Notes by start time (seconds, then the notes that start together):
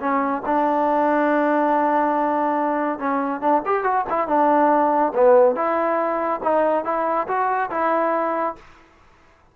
0.00 C#4
0.46 D4
2.99 C#4
3.41 D4
3.66 G4
3.84 F#4
4.09 E4
4.28 D4
5.15 B3
5.56 E4
6.43 D#4
6.85 E4
7.28 F#4
7.70 E4